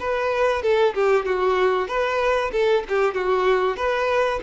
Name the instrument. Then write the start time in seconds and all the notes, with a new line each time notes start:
violin
0.00 B4
0.63 A4
0.95 G4
1.26 F#4
1.88 B4
2.53 A4
2.89 G4
3.15 F#4
3.77 B4